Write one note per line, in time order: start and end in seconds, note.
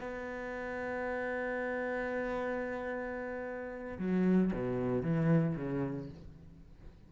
0.00 3.98 B3
3.99 4.52 F#3
4.53 5.03 B2
5.03 5.56 E3
5.56 6.09 C#3